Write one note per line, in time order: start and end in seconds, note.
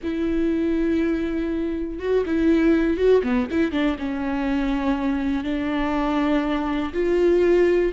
0.03 1.99 E4
1.99 2.24 F#4
2.25 2.97 E4
2.97 3.22 F#4
3.23 3.48 B3
3.50 3.71 E4
3.71 3.96 D4
3.98 5.44 C#4
5.44 6.92 D4
6.93 7.92 F4